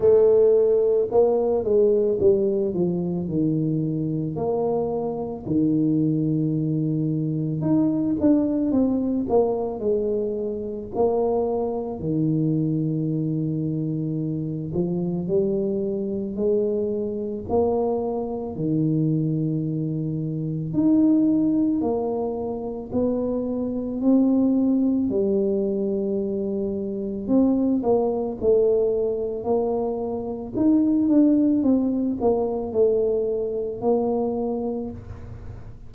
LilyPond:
\new Staff \with { instrumentName = "tuba" } { \time 4/4 \tempo 4 = 55 a4 ais8 gis8 g8 f8 dis4 | ais4 dis2 dis'8 d'8 | c'8 ais8 gis4 ais4 dis4~ | dis4. f8 g4 gis4 |
ais4 dis2 dis'4 | ais4 b4 c'4 g4~ | g4 c'8 ais8 a4 ais4 | dis'8 d'8 c'8 ais8 a4 ais4 | }